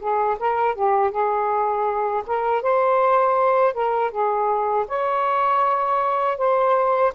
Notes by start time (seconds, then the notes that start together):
0.00 G#4
0.40 A#4
0.75 G4
1.11 G#4
2.27 A#4
2.62 C5
3.74 A#4
4.11 G#4
4.88 C#5
6.38 C5